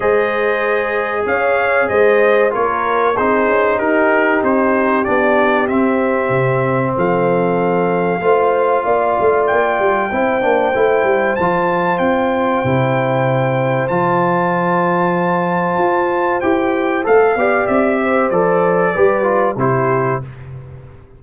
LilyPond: <<
  \new Staff \with { instrumentName = "trumpet" } { \time 4/4 \tempo 4 = 95 dis''2 f''4 dis''4 | cis''4 c''4 ais'4 c''4 | d''4 e''2 f''4~ | f''2. g''4~ |
g''2 a''4 g''4~ | g''2 a''2~ | a''2 g''4 f''4 | e''4 d''2 c''4 | }
  \new Staff \with { instrumentName = "horn" } { \time 4/4 c''2 cis''4 c''4 | ais'4 gis'4 g'2~ | g'2. a'4~ | a'4 c''4 d''2 |
c''1~ | c''1~ | c''2.~ c''8 d''8~ | d''8 c''4. b'4 g'4 | }
  \new Staff \with { instrumentName = "trombone" } { \time 4/4 gis'1 | f'4 dis'2. | d'4 c'2.~ | c'4 f'2. |
e'8 d'8 e'4 f'2 | e'2 f'2~ | f'2 g'4 a'8 g'8~ | g'4 a'4 g'8 f'8 e'4 | }
  \new Staff \with { instrumentName = "tuba" } { \time 4/4 gis2 cis'4 gis4 | ais4 c'8 cis'8 dis'4 c'4 | b4 c'4 c4 f4~ | f4 a4 ais8 a8 ais8 g8 |
c'8 ais8 a8 g8 f4 c'4 | c2 f2~ | f4 f'4 e'4 a8 b8 | c'4 f4 g4 c4 | }
>>